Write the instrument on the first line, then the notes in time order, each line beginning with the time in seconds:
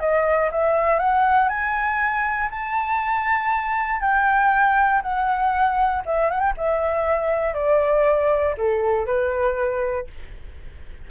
flute
0.00 D#5
0.52 E5
0.99 F#5
1.49 G#5
2.51 A5
4.01 G5
5.02 F#5
6.06 E5
6.31 F#5
6.41 G5
6.57 E5
7.54 D5
8.58 A4
9.06 B4